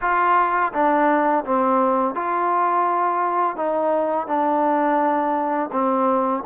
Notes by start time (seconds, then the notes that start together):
0.01 F4
0.73 D4
1.44 C4
2.15 F4
3.56 D#4
4.27 D4
5.71 C4